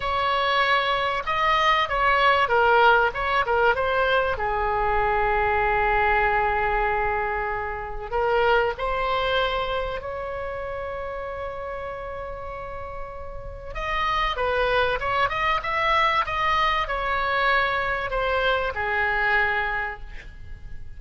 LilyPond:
\new Staff \with { instrumentName = "oboe" } { \time 4/4 \tempo 4 = 96 cis''2 dis''4 cis''4 | ais'4 cis''8 ais'8 c''4 gis'4~ | gis'1~ | gis'4 ais'4 c''2 |
cis''1~ | cis''2 dis''4 b'4 | cis''8 dis''8 e''4 dis''4 cis''4~ | cis''4 c''4 gis'2 | }